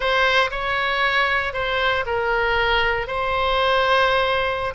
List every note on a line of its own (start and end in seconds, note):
0.00 0.50 C5
0.50 1.53 C#5
1.53 2.04 C5
2.05 3.07 A#4
3.07 4.73 C5